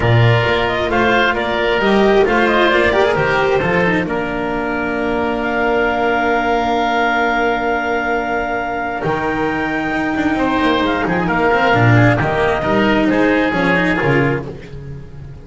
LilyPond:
<<
  \new Staff \with { instrumentName = "clarinet" } { \time 4/4 \tempo 4 = 133 d''4. dis''8 f''4 d''4 | dis''4 f''8 dis''8 d''4 c''4~ | c''4 ais'2. | f''1~ |
f''1 | g''1 | f''8 g''16 gis''16 f''2 dis''4~ | dis''4 c''4 cis''4 ais'4 | }
  \new Staff \with { instrumentName = "oboe" } { \time 4/4 ais'2 c''4 ais'4~ | ais'4 c''4. ais'4. | a'4 ais'2.~ | ais'1~ |
ais'1~ | ais'2. c''4~ | c''8 gis'8 ais'4. gis'8 g'4 | ais'4 gis'2. | }
  \new Staff \with { instrumentName = "cello" } { \time 4/4 f'1 | g'4 f'4. g'16 gis'16 g'4 | f'8 dis'8 d'2.~ | d'1~ |
d'1 | dis'1~ | dis'4. c'8 d'4 ais4 | dis'2 cis'8 dis'8 f'4 | }
  \new Staff \with { instrumentName = "double bass" } { \time 4/4 ais,4 ais4 a4 ais4 | g4 a4 ais4 dis4 | f4 ais2.~ | ais1~ |
ais1 | dis2 dis'8 d'8 c'8 ais8 | gis8 f8 ais4 ais,4 dis4 | g4 gis4 f4 cis4 | }
>>